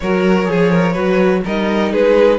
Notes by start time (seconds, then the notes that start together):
0.00 F#3 F#4 A#4 C#5
0.45 F3 G#4
0.70 A#4
0.93 F#3 F#4 B4
1.44 G3 D#4 A#4 D#5
1.92 G#3 G#4 B4